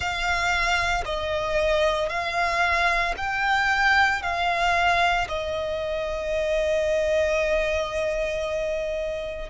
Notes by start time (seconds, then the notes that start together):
0.00 F5
1.05 D#5
2.09 F5
3.17 G5
4.22 F5
5.28 D#5